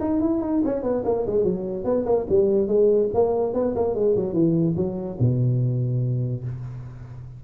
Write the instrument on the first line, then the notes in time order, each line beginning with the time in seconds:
tuba
0.00 D#4
0.21 E4
0.41 D#4
0.65 C#4
0.83 B3
1.05 A#3
1.26 G#3
1.44 F#3
1.85 B3
2.05 A#3
2.29 G3
2.67 G#3
3.14 A#3
3.54 B3
3.75 A#3
3.95 G#3
4.16 F#3
4.33 E3
4.76 F#3
5.19 B2